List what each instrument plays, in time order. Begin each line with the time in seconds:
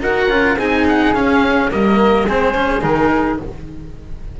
0.00 double bass D#4, cello F#4, flute A#4, oboe F#5
0.28 double bass C#4, cello F4
0.55 double bass C4, cello D#4, flute G#4, oboe G#5
0.88 oboe F#5
1.13 double bass C#4, cello C#4, oboe F5
1.70 double bass G3, cello A#3, flute A#4, oboe D#5
2.26 double bass G#3, cello C4, flute G#4, oboe C5
2.54 cello C#4
2.80 double bass D#3, cello D#4, oboe A#4